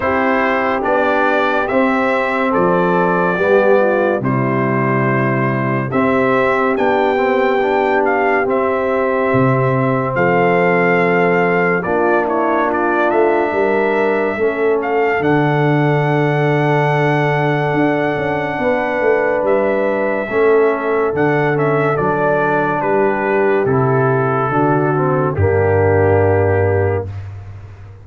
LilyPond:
<<
  \new Staff \with { instrumentName = "trumpet" } { \time 4/4 \tempo 4 = 71 c''4 d''4 e''4 d''4~ | d''4 c''2 e''4 | g''4. f''8 e''2 | f''2 d''8 cis''8 d''8 e''8~ |
e''4. f''8 fis''2~ | fis''2. e''4~ | e''4 fis''8 e''8 d''4 b'4 | a'2 g'2 | }
  \new Staff \with { instrumentName = "horn" } { \time 4/4 g'2. a'4 | g'8 f'8 e'2 g'4~ | g'1 | a'2 f'8 e'8 f'4 |
ais'4 a'2.~ | a'2 b'2 | a'2. g'4~ | g'4 fis'4 d'2 | }
  \new Staff \with { instrumentName = "trombone" } { \time 4/4 e'4 d'4 c'2 | b4 g2 c'4 | d'8 c'8 d'4 c'2~ | c'2 d'2~ |
d'4 cis'4 d'2~ | d'1 | cis'4 d'8 cis'8 d'2 | e'4 d'8 c'8 ais2 | }
  \new Staff \with { instrumentName = "tuba" } { \time 4/4 c'4 b4 c'4 f4 | g4 c2 c'4 | b2 c'4 c4 | f2 ais4. a8 |
g4 a4 d2~ | d4 d'8 cis'8 b8 a8 g4 | a4 d4 fis4 g4 | c4 d4 g,2 | }
>>